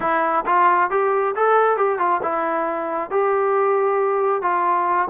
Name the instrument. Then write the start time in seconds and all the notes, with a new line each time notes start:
trombone
0.00 E4
0.45 F4
0.90 G4
1.35 A4
1.76 G4
1.98 F4
2.22 E4
3.10 G4
4.41 F4